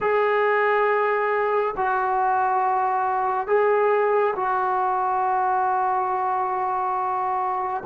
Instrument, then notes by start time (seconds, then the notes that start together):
trombone
0.00 G#4
1.76 F#4
3.47 G#4
4.36 F#4